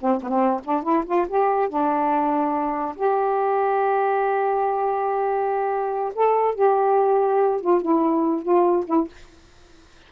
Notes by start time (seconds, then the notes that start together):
0.00 C4
0.22 B3
0.29 C4
0.64 D4
0.83 E4
1.05 F4
1.28 G4
1.69 D4
2.96 G4
6.15 A4
6.55 G4
7.60 F4
7.81 E4
8.42 F4
8.87 E4